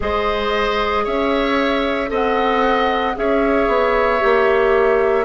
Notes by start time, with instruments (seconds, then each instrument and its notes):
0.00 bassoon G#3, clarinet G#4, oboe C5, flute D#5
1.04 bassoon C#4, oboe C#5, flute E5
2.07 bassoon C4, clarinet A4, oboe D#5
2.14 flute F#5
3.15 bassoon C#4, clarinet G#4, oboe C#5, flute E5
3.67 bassoon B3
4.19 bassoon A#3, clarinet G4